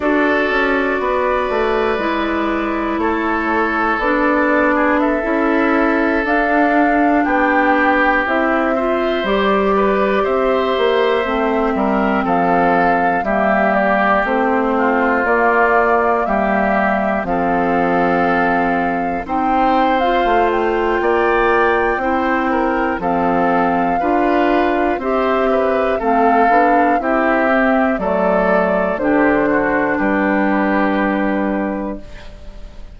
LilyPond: <<
  \new Staff \with { instrumentName = "flute" } { \time 4/4 \tempo 4 = 60 d''2. cis''4 | d''4 e''4~ e''16 f''4 g''8.~ | g''16 e''4 d''4 e''4.~ e''16~ | e''16 f''4 e''8 d''8 c''4 d''8.~ |
d''16 e''4 f''2 g''8. | f''8 g''2~ g''8 f''4~ | f''4 e''4 f''4 e''4 | d''4 c''4 b'2 | }
  \new Staff \with { instrumentName = "oboe" } { \time 4/4 a'4 b'2 a'4~ | a'8. gis'16 a'2~ a'16 g'8.~ | g'8. c''4 b'8 c''4. ais'16~ | ais'16 a'4 g'4. f'4~ f'16~ |
f'16 g'4 a'2 c''8.~ | c''4 d''4 c''8 ais'8 a'4 | b'4 c''8 b'8 a'4 g'4 | a'4 g'8 fis'8 g'2 | }
  \new Staff \with { instrumentName = "clarinet" } { \time 4/4 fis'2 e'2 | d'4~ d'16 e'4 d'4.~ d'16~ | d'16 e'8 f'8 g'2 c'8.~ | c'4~ c'16 ais4 c'4 ais8.~ |
ais4~ ais16 c'2 dis'8. | f'2 e'4 c'4 | f'4 g'4 c'8 d'8 e'8 c'8 | a4 d'2. | }
  \new Staff \with { instrumentName = "bassoon" } { \time 4/4 d'8 cis'8 b8 a8 gis4 a4 | b4~ b16 cis'4 d'4 b8.~ | b16 c'4 g4 c'8 ais8 a8 g16~ | g16 f4 g4 a4 ais8.~ |
ais16 g4 f2 c'8.~ | c'16 a8. ais4 c'4 f4 | d'4 c'4 a8 b8 c'4 | fis4 d4 g2 | }
>>